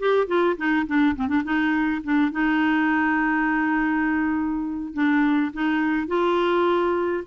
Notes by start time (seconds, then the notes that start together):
0.00 G4
0.28 F4
0.58 D#4
0.87 D4
1.17 C4
1.29 D4
1.44 D#4
2.04 D4
2.32 D#4
4.94 D4
5.54 D#4
6.08 F4